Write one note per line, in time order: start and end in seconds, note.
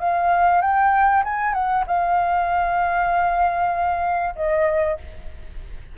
0.00 0.62 F5
0.62 1.23 G5
1.24 1.53 G#5
1.53 1.84 F#5
1.87 4.35 F5
4.36 4.97 D#5